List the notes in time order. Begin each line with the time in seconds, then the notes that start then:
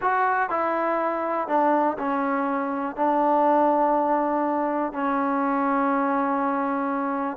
0.01 F#4
0.49 E4
1.48 D4
1.98 C#4
2.96 D4
4.92 C#4